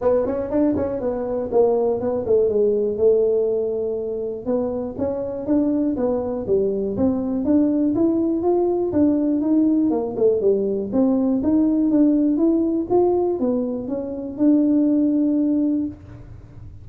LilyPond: \new Staff \with { instrumentName = "tuba" } { \time 4/4 \tempo 4 = 121 b8 cis'8 d'8 cis'8 b4 ais4 | b8 a8 gis4 a2~ | a4 b4 cis'4 d'4 | b4 g4 c'4 d'4 |
e'4 f'4 d'4 dis'4 | ais8 a8 g4 c'4 dis'4 | d'4 e'4 f'4 b4 | cis'4 d'2. | }